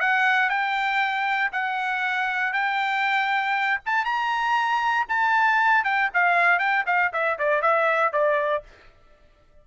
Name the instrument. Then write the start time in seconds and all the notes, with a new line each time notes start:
trumpet
0.00 F#5
0.49 G5
1.52 F#5
2.53 G5
3.86 A5
4.05 A#5
5.08 A5
5.84 G5
6.14 F5
6.59 G5
6.86 F5
7.13 E5
7.38 D5
7.62 E5
8.13 D5